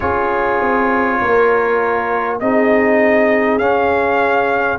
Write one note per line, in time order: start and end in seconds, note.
0.00 0.60 C#4
0.00 2.40 F4
0.00 1.20 G#4
0.00 2.37 C#5
0.60 1.20 C4
1.21 2.40 A#3
1.21 2.41 A#4
2.40 3.57 C4
2.40 3.60 D#4
2.40 4.79 G#4
2.40 3.58 D#5
3.57 4.77 C#4
3.57 4.79 C#4
3.57 4.78 F5